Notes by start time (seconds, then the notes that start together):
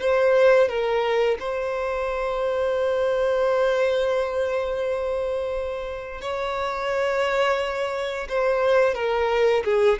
0.00 C5
0.69 A#4
1.40 C5
6.21 C#5
8.29 C5
8.95 A#4
9.64 G#4